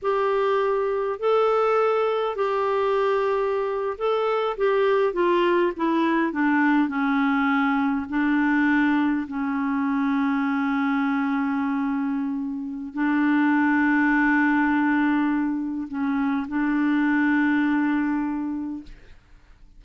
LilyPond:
\new Staff \with { instrumentName = "clarinet" } { \time 4/4 \tempo 4 = 102 g'2 a'2 | g'2~ g'8. a'4 g'16~ | g'8. f'4 e'4 d'4 cis'16~ | cis'4.~ cis'16 d'2 cis'16~ |
cis'1~ | cis'2 d'2~ | d'2. cis'4 | d'1 | }